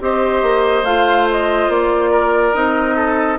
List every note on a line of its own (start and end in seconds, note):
0.00 0.42 C4
0.00 0.85 G4
0.00 2.11 C5
0.00 0.85 D#5
0.42 0.83 A#3
0.83 1.68 A3
0.83 2.54 F4
0.83 1.27 F5
1.32 1.71 D#5
1.68 2.53 A#3
1.68 2.54 D5
2.11 2.95 A#4
2.54 3.39 C4
2.54 3.38 D#4
2.54 3.38 D#5
2.96 3.38 A4